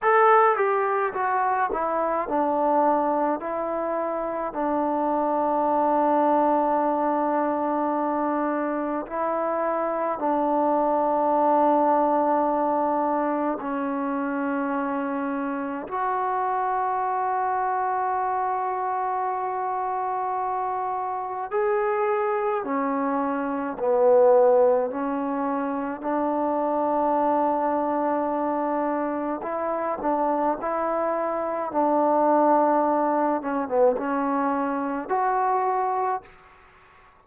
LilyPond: \new Staff \with { instrumentName = "trombone" } { \time 4/4 \tempo 4 = 53 a'8 g'8 fis'8 e'8 d'4 e'4 | d'1 | e'4 d'2. | cis'2 fis'2~ |
fis'2. gis'4 | cis'4 b4 cis'4 d'4~ | d'2 e'8 d'8 e'4 | d'4. cis'16 b16 cis'4 fis'4 | }